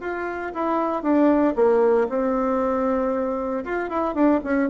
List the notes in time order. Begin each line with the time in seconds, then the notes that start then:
0.00 F4
0.54 E4
1.02 D4
1.55 A#3
2.09 C4
3.64 F4
3.89 E4
4.14 D4
4.43 C#4